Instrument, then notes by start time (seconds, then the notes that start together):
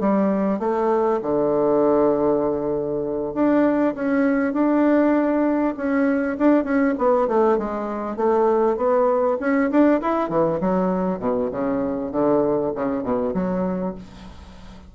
bassoon
0.00 G3
0.60 A3
1.22 D3
3.34 D4
3.95 C#4
4.53 D4
5.77 C#4
6.38 D4
6.64 C#4
6.98 B3
7.28 A3
7.58 G#3
8.17 A3
8.77 B3
9.40 C#4
9.71 D4
10.01 E4
10.29 E3
10.61 F#3
11.19 B2
11.52 C#3
12.12 D3
12.75 C#3
13.04 B2
13.34 F#3